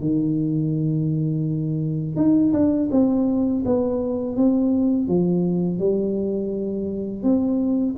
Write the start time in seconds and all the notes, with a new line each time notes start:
0.00 D#3
2.16 D#4
2.53 D4
2.91 C4
3.65 B3
4.36 C4
5.08 F3
5.79 G3
7.23 C4